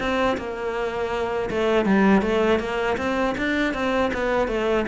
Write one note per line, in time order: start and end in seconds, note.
0.00 0.38 C4
0.38 1.50 A#3
1.51 1.86 A3
1.86 2.22 G3
2.22 2.60 A3
2.60 2.97 A#3
2.98 3.35 C4
3.38 3.74 D4
3.74 4.12 C4
4.14 4.48 B3
4.48 4.86 A3